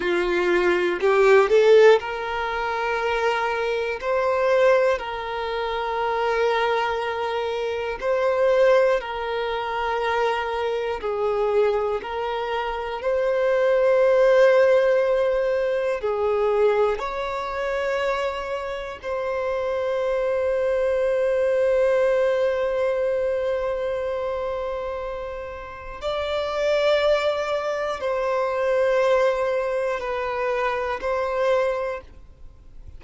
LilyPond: \new Staff \with { instrumentName = "violin" } { \time 4/4 \tempo 4 = 60 f'4 g'8 a'8 ais'2 | c''4 ais'2. | c''4 ais'2 gis'4 | ais'4 c''2. |
gis'4 cis''2 c''4~ | c''1~ | c''2 d''2 | c''2 b'4 c''4 | }